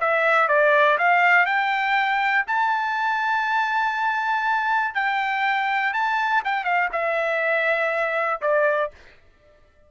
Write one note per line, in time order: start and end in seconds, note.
0.00 0.48 E5
0.48 0.98 D5
0.98 1.46 F5
1.46 2.45 G5
2.47 4.95 A5
4.95 5.93 G5
5.93 6.43 A5
6.45 6.64 G5
6.64 6.89 F5
6.92 8.41 E5
8.41 8.91 D5